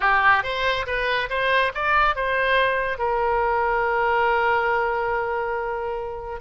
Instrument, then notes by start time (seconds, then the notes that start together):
oboe
0.00 G4
0.43 C5
0.86 B4
1.29 C5
1.74 D5
2.15 C5
2.98 A#4